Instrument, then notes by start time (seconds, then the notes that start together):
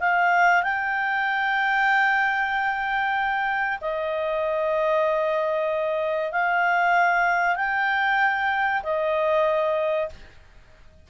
clarinet
0.00 F5
0.63 G5
3.81 D#5
6.32 F5
7.56 G5
8.83 D#5